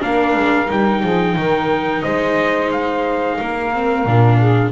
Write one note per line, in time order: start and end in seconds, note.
0.00 0.36 A#3
0.00 0.66 D4
0.00 1.02 A#4
0.00 0.70 F5
0.36 0.69 G#3
0.66 1.03 G3
0.66 3.70 D#4
0.66 2.03 G5
1.02 1.36 F3
1.02 1.35 G#4
1.36 2.03 D#3
1.36 2.03 A#4
2.03 3.40 G#3
2.03 3.38 C5
2.03 2.70 D#5
2.72 4.72 F5
3.39 4.06 A#3
3.39 4.38 A#4
3.73 4.07 C4
4.06 4.72 A#2
4.06 4.72 D4
4.38 4.72 G#4